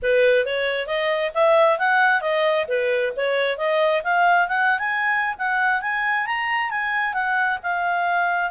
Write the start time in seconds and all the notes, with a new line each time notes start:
0.02 B4
0.45 C#5
0.86 D#5
1.34 E5
1.78 F#5
2.21 D#5
2.68 B4
3.16 C#5
3.57 D#5
4.03 F5
4.48 F#5
4.78 G#5
5.38 F#5
5.81 G#5
6.26 A#5
6.70 G#5
7.13 F#5
7.63 F5